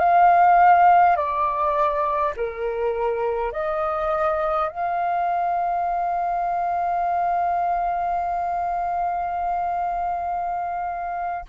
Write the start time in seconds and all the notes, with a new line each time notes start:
0.00 F5
1.17 D5
2.37 A#4
3.53 D#5
4.70 F5